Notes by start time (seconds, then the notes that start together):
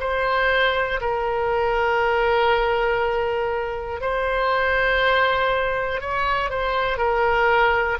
0.00 C5
1.01 A#4
4.01 C5
6.01 C#5
6.50 C5
6.98 A#4